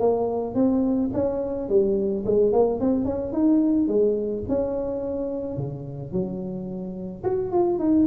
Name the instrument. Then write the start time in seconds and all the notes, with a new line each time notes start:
tuba
0.00 A#3
0.55 C4
1.14 C#4
1.69 G3
2.26 G#3
2.53 A#3
2.81 C4
3.05 C#4
3.33 D#4
3.88 G#3
4.49 C#4
5.57 C#3
6.12 F#3
7.24 F#4
7.52 F4
7.79 D#4